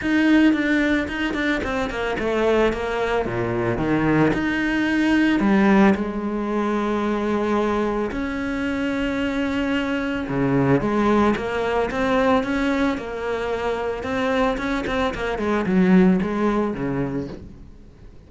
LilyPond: \new Staff \with { instrumentName = "cello" } { \time 4/4 \tempo 4 = 111 dis'4 d'4 dis'8 d'8 c'8 ais8 | a4 ais4 ais,4 dis4 | dis'2 g4 gis4~ | gis2. cis'4~ |
cis'2. cis4 | gis4 ais4 c'4 cis'4 | ais2 c'4 cis'8 c'8 | ais8 gis8 fis4 gis4 cis4 | }